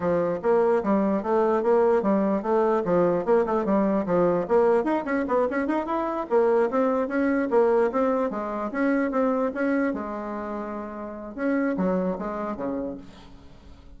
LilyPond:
\new Staff \with { instrumentName = "bassoon" } { \time 4/4 \tempo 4 = 148 f4 ais4 g4 a4 | ais4 g4 a4 f4 | ais8 a8 g4 f4 ais4 | dis'8 cis'8 b8 cis'8 dis'8 e'4 ais8~ |
ais8 c'4 cis'4 ais4 c'8~ | c'8 gis4 cis'4 c'4 cis'8~ | cis'8 gis2.~ gis8 | cis'4 fis4 gis4 cis4 | }